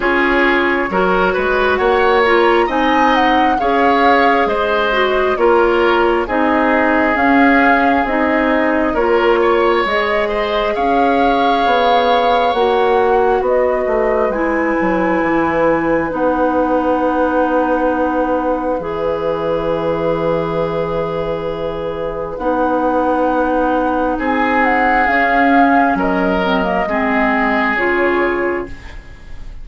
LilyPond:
<<
  \new Staff \with { instrumentName = "flute" } { \time 4/4 \tempo 4 = 67 cis''2 fis''8 ais''8 gis''8 fis''8 | f''4 dis''4 cis''4 dis''4 | f''4 dis''4 cis''4 dis''4 | f''2 fis''4 dis''4 |
gis''2 fis''2~ | fis''4 e''2.~ | e''4 fis''2 gis''8 fis''8 | f''4 dis''2 cis''4 | }
  \new Staff \with { instrumentName = "oboe" } { \time 4/4 gis'4 ais'8 b'8 cis''4 dis''4 | cis''4 c''4 ais'4 gis'4~ | gis'2 ais'8 cis''4 c''8 | cis''2. b'4~ |
b'1~ | b'1~ | b'2. gis'4~ | gis'4 ais'4 gis'2 | }
  \new Staff \with { instrumentName = "clarinet" } { \time 4/4 f'4 fis'4. f'8 dis'4 | gis'4. fis'8 f'4 dis'4 | cis'4 dis'4 f'4 gis'4~ | gis'2 fis'2 |
e'2 dis'2~ | dis'4 gis'2.~ | gis'4 dis'2. | cis'4. c'16 ais16 c'4 f'4 | }
  \new Staff \with { instrumentName = "bassoon" } { \time 4/4 cis'4 fis8 gis8 ais4 c'4 | cis'4 gis4 ais4 c'4 | cis'4 c'4 ais4 gis4 | cis'4 b4 ais4 b8 a8 |
gis8 fis8 e4 b2~ | b4 e2.~ | e4 b2 c'4 | cis'4 fis4 gis4 cis4 | }
>>